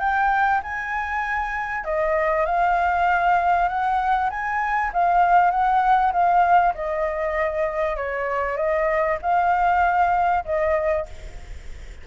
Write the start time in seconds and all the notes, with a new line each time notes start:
0.00 G5
0.63 G#5
1.85 D#5
2.46 F5
3.69 F#5
4.31 G#5
4.94 F5
5.51 F#5
6.13 F5
6.75 D#5
7.97 C#5
8.57 D#5
9.22 F5
10.45 D#5